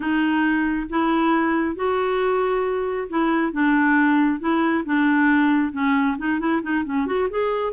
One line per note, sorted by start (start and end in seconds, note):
0.00 0.87 D#4
0.89 1.75 E4
1.75 3.07 F#4
3.09 3.52 E4
3.52 4.40 D4
4.40 4.84 E4
4.85 5.72 D4
5.72 6.16 C#4
6.17 6.39 D#4
6.39 6.61 E4
6.62 6.84 D#4
6.84 7.06 C#4
7.06 7.28 F#4
7.30 7.73 G#4